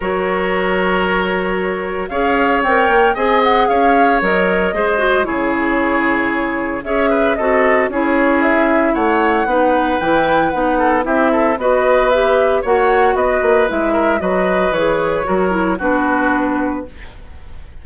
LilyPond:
<<
  \new Staff \with { instrumentName = "flute" } { \time 4/4 \tempo 4 = 114 cis''1 | f''4 g''4 gis''8 fis''8 f''4 | dis''2 cis''2~ | cis''4 e''4 dis''4 cis''4 |
e''4 fis''2 g''4 | fis''4 e''4 dis''4 e''4 | fis''4 dis''4 e''4 dis''4 | cis''2 b'2 | }
  \new Staff \with { instrumentName = "oboe" } { \time 4/4 ais'1 | cis''2 dis''4 cis''4~ | cis''4 c''4 gis'2~ | gis'4 cis''8 b'8 a'4 gis'4~ |
gis'4 cis''4 b'2~ | b'8 a'8 g'8 a'8 b'2 | cis''4 b'4. ais'8 b'4~ | b'4 ais'4 fis'2 | }
  \new Staff \with { instrumentName = "clarinet" } { \time 4/4 fis'1 | gis'4 ais'4 gis'2 | ais'4 gis'8 fis'8 e'2~ | e'4 gis'4 fis'4 e'4~ |
e'2 dis'4 e'4 | dis'4 e'4 fis'4 g'4 | fis'2 e'4 fis'4 | gis'4 fis'8 e'8 d'2 | }
  \new Staff \with { instrumentName = "bassoon" } { \time 4/4 fis1 | cis'4 c'8 ais8 c'4 cis'4 | fis4 gis4 cis2~ | cis4 cis'4 c'4 cis'4~ |
cis'4 a4 b4 e4 | b4 c'4 b2 | ais4 b8 ais8 gis4 fis4 | e4 fis4 b2 | }
>>